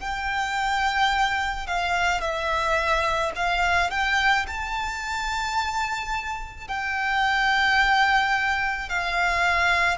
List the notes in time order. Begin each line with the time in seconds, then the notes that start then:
0.00 G5
1.67 F5
2.21 E5
3.35 F5
3.90 G5
4.47 A5
6.68 G5
8.89 F5